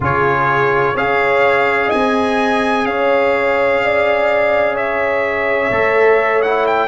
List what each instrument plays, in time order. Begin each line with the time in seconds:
0.00 tuba C#3, trombone F4, horn G#4, trumpet C#5
0.94 tuba C#4, trombone G#4, horn C#5, trumpet F5
1.87 horn D#5, trumpet G#5
1.93 tuba C4
2.84 tuba C#4, horn C#5, trumpet F5
3.84 horn D5
4.74 horn C#5, trumpet E5
5.70 tuba A3, trombone A4
6.42 trombone E4, trumpet F#5
6.66 trumpet G5